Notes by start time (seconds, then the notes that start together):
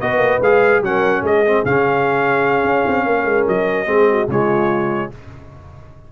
0.00 B3 F#4 B4 D#5
0.17 A#3
0.40 G#3 G#4 F5
0.81 F#3 C#4 A#4 F#5
1.22 G#3 G#4 D#5
1.46 C4
1.65 C#3 C#4 F5
2.64 C#4
2.87 C4
3.05 A#3 A#4
3.24 G#3
3.48 F#3 D#5
3.86 G#3 C4 G#4
4.11 F#4
4.28 C#3 G#3 F4 C#5